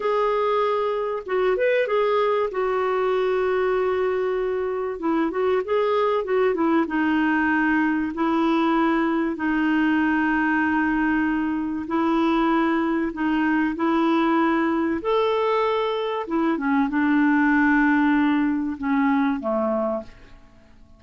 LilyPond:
\new Staff \with { instrumentName = "clarinet" } { \time 4/4 \tempo 4 = 96 gis'2 fis'8 b'8 gis'4 | fis'1 | e'8 fis'8 gis'4 fis'8 e'8 dis'4~ | dis'4 e'2 dis'4~ |
dis'2. e'4~ | e'4 dis'4 e'2 | a'2 e'8 cis'8 d'4~ | d'2 cis'4 a4 | }